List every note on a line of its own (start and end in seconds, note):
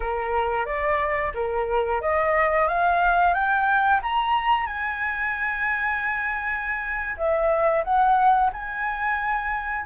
0.00 0.65 A#4
0.65 1.32 D5
1.34 2.01 A#4
2.01 2.68 D#5
2.68 3.33 F5
3.33 4.00 G5
4.02 4.66 A#5
4.66 7.16 G#5
7.17 7.83 E5
7.84 8.50 F#5
8.52 9.85 G#5